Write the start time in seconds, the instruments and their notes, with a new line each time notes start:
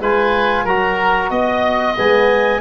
0.00 tuba G#3, trombone F4, oboe B4, clarinet G#5
0.64 tuba F#3, trombone F#4, oboe A#4, clarinet A#5
1.30 tuba B3, clarinet D#5, oboe D#5
1.96 tuba G#3, trombone B3, clarinet G#5